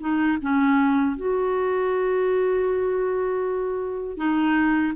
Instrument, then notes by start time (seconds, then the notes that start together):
clarinet
0.00 D#4
0.42 C#4
1.17 F#4
4.17 D#4